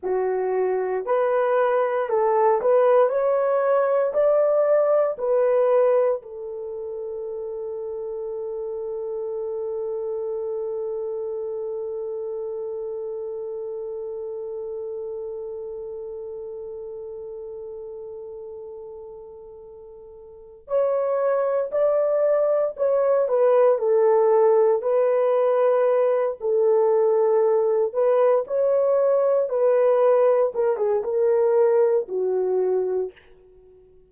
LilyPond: \new Staff \with { instrumentName = "horn" } { \time 4/4 \tempo 4 = 58 fis'4 b'4 a'8 b'8 cis''4 | d''4 b'4 a'2~ | a'1~ | a'1~ |
a'1 | cis''4 d''4 cis''8 b'8 a'4 | b'4. a'4. b'8 cis''8~ | cis''8 b'4 ais'16 gis'16 ais'4 fis'4 | }